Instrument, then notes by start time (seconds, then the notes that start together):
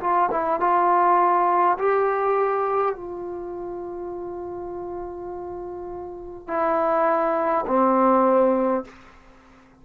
trombone
0.00 F4
0.31 E4
0.59 F4
1.78 G4
2.95 F4
6.48 E4
7.67 C4